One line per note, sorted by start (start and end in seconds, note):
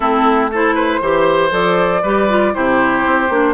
0.00 1.00 A3
0.00 0.51 C4
0.00 0.50 E4
0.00 0.48 A4
0.51 1.01 E4
0.51 0.74 A4
0.51 1.52 C5
0.74 1.00 B4
1.01 1.51 E3
1.01 1.50 G4
1.01 2.02 C5
1.50 2.02 F3
1.50 2.01 A4
1.50 2.54 D5
2.02 2.53 G3
2.02 2.29 G4
2.02 2.53 B4
2.29 2.53 F4
2.53 3.06 C3
2.53 3.29 E4
2.53 3.54 G4
2.53 3.54 C5
3.06 3.29 C4
3.29 3.54 A#3
3.29 3.54 D4